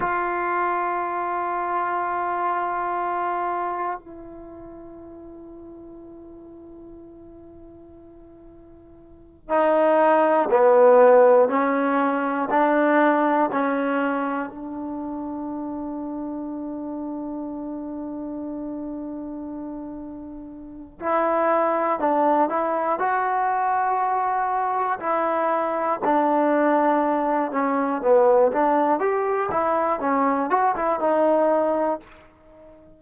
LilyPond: \new Staff \with { instrumentName = "trombone" } { \time 4/4 \tempo 4 = 60 f'1 | e'1~ | e'4. dis'4 b4 cis'8~ | cis'8 d'4 cis'4 d'4.~ |
d'1~ | d'4 e'4 d'8 e'8 fis'4~ | fis'4 e'4 d'4. cis'8 | b8 d'8 g'8 e'8 cis'8 fis'16 e'16 dis'4 | }